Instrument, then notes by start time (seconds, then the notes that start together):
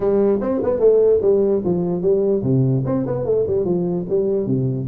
tuba
0.00 G3
0.41 C4
0.63 B3
0.79 A3
1.21 G3
1.64 F3
2.01 G3
2.42 C3
2.85 C4
3.06 B3
3.25 A3
3.47 G3
3.64 F3
4.09 G3
4.46 C3